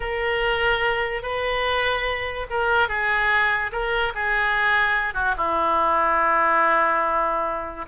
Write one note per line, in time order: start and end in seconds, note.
0.00 1.22 A#4
1.22 2.46 B4
2.50 2.88 A#4
2.88 3.71 G#4
3.71 4.13 A#4
4.14 5.14 G#4
5.14 5.34 F#4
5.37 7.85 E4